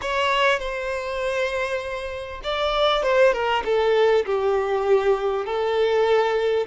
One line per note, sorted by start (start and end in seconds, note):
0.01 0.59 C#5
0.59 2.41 C5
2.43 3.02 D5
3.02 3.33 C5
3.33 3.63 A#4
3.64 4.25 A4
4.25 5.45 G4
5.45 6.67 A4